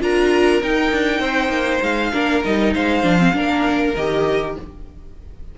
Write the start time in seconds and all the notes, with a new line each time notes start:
0.00 D4 F4 A#4 A#5
0.62 D#4 G5
0.91 D4
1.20 C4 C5
1.48 A#3
1.82 G#3 F5
2.11 A#3 D4 A#4
2.44 G3 D#4 D#5
2.74 G#3 C5 F5
3.03 F3 D4
3.18 C4
3.33 A#3 D4 A#4
3.95 D#3 G4 D#5